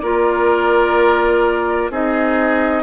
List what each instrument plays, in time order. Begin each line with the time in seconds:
0.00 bassoon A#3, clarinet F4, oboe A#4, flute D5
1.90 bassoon C4, clarinet D#4, oboe G#4, flute D#5